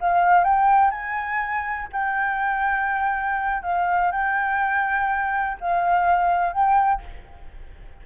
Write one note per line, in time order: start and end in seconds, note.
0.00 0.44 F5
0.44 0.91 G5
0.91 1.88 G#5
1.92 3.63 G5
3.63 4.11 F5
4.11 5.58 G5
5.60 6.53 F5
6.53 7.01 G5